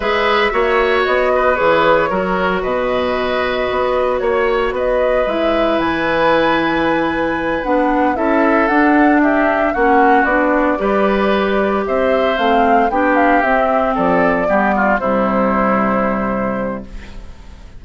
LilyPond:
<<
  \new Staff \with { instrumentName = "flute" } { \time 4/4 \tempo 4 = 114 e''2 dis''4 cis''4~ | cis''4 dis''2. | cis''4 dis''4 e''4 gis''4~ | gis''2~ gis''8 fis''4 e''8~ |
e''8 fis''4 e''4 fis''4 d''8~ | d''2~ d''8 e''4 f''8~ | f''8 g''8 f''8 e''4 d''4.~ | d''8 c''2.~ c''8 | }
  \new Staff \with { instrumentName = "oboe" } { \time 4/4 b'4 cis''4. b'4. | ais'4 b'2. | cis''4 b'2.~ | b'2.~ b'8 a'8~ |
a'4. g'4 fis'4.~ | fis'8 b'2 c''4.~ | c''8 g'2 a'4 g'8 | f'8 e'2.~ e'8 | }
  \new Staff \with { instrumentName = "clarinet" } { \time 4/4 gis'4 fis'2 gis'4 | fis'1~ | fis'2 e'2~ | e'2~ e'8 d'4 e'8~ |
e'8 d'2 cis'4 d'8~ | d'8 g'2. c'8~ | c'8 d'4 c'2 b8~ | b8 g2.~ g8 | }
  \new Staff \with { instrumentName = "bassoon" } { \time 4/4 gis4 ais4 b4 e4 | fis4 b,2 b4 | ais4 b4 gis4 e4~ | e2~ e8 b4 cis'8~ |
cis'8 d'2 ais4 b8~ | b8 g2 c'4 a8~ | a8 b4 c'4 f4 g8~ | g8 c2.~ c8 | }
>>